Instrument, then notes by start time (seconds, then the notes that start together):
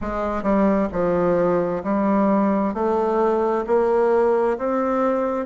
bassoon
0.01 G#3
0.43 G3
0.91 F3
1.83 G3
2.74 A3
3.66 A#3
4.58 C4